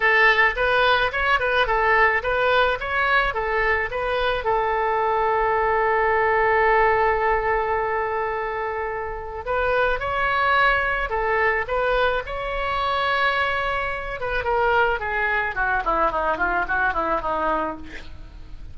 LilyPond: \new Staff \with { instrumentName = "oboe" } { \time 4/4 \tempo 4 = 108 a'4 b'4 cis''8 b'8 a'4 | b'4 cis''4 a'4 b'4 | a'1~ | a'1~ |
a'4 b'4 cis''2 | a'4 b'4 cis''2~ | cis''4. b'8 ais'4 gis'4 | fis'8 e'8 dis'8 f'8 fis'8 e'8 dis'4 | }